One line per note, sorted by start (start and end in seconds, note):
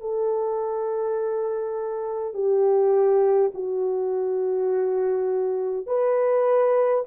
0.00 2.33 A4
2.33 3.51 G4
3.54 5.86 F#4
5.86 7.04 B4